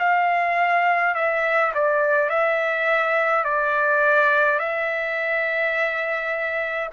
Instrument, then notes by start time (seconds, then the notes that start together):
trumpet
0.00 F5
1.15 E5
1.75 D5
2.30 E5
3.45 D5
4.60 E5